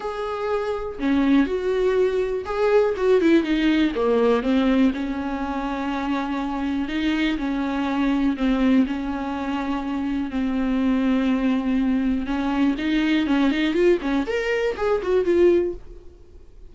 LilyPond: \new Staff \with { instrumentName = "viola" } { \time 4/4 \tempo 4 = 122 gis'2 cis'4 fis'4~ | fis'4 gis'4 fis'8 e'8 dis'4 | ais4 c'4 cis'2~ | cis'2 dis'4 cis'4~ |
cis'4 c'4 cis'2~ | cis'4 c'2.~ | c'4 cis'4 dis'4 cis'8 dis'8 | f'8 cis'8 ais'4 gis'8 fis'8 f'4 | }